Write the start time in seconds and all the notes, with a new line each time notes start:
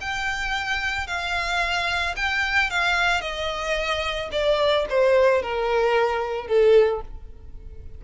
0.00 G5
1.07 F5
2.16 G5
2.70 F5
3.21 D#5
4.31 D5
4.89 C5
5.42 A#4
6.47 A4